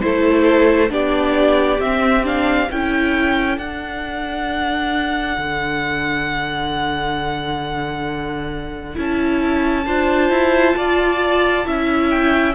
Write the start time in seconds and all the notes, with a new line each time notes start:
0.00 A3 E4 A4 C5
0.90 B3 D4 G4 D5
1.78 C4 E5
2.24 D4 F5
2.70 C#4 E4 A4 G5
3.58 D4 F#5
5.37 D3
8.95 C#4 E4 A5
9.86 D4 F4 C5
10.30 E4
10.76 F4 D5
11.65 C#4 E4 E5
12.09 G5